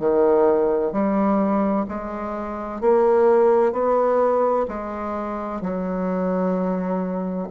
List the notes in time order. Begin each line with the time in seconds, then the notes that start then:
0.00 D#3
0.92 G3
1.89 G#3
2.81 A#3
3.73 B3
4.68 G#3
5.61 F#3